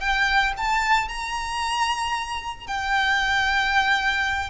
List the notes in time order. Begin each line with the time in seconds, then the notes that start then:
0.00 G5
0.57 A5
1.09 A#5
2.67 G5